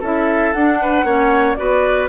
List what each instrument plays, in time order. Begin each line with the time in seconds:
0.00 bassoon C#4, clarinet E4, oboe A4, flute E5
0.53 bassoon D4, clarinet D4, flute F#5
0.81 oboe B4
1.03 bassoon A#3, clarinet C#4, oboe C#5
1.55 bassoon B3, clarinet F#4, oboe B4, flute D5